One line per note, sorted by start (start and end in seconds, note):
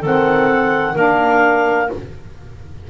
0.00 0.96 D#3
0.00 0.95 C4
0.00 0.93 A4
0.00 0.96 F#5
0.93 1.89 A#3
0.93 1.89 D4
0.93 1.87 A#4
0.93 1.90 F5